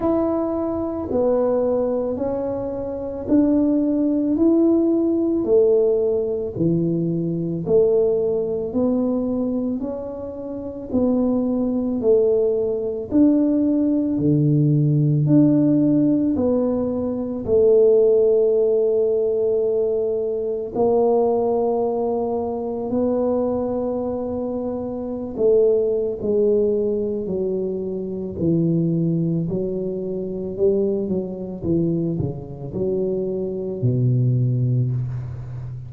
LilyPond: \new Staff \with { instrumentName = "tuba" } { \time 4/4 \tempo 4 = 55 e'4 b4 cis'4 d'4 | e'4 a4 e4 a4 | b4 cis'4 b4 a4 | d'4 d4 d'4 b4 |
a2. ais4~ | ais4 b2~ b16 a8. | gis4 fis4 e4 fis4 | g8 fis8 e8 cis8 fis4 b,4 | }